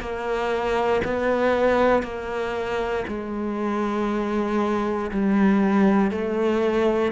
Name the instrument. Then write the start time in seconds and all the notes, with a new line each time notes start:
cello
0.00 A#3
1.04 B3
2.03 A#3
3.07 G#3
5.11 G3
6.11 A3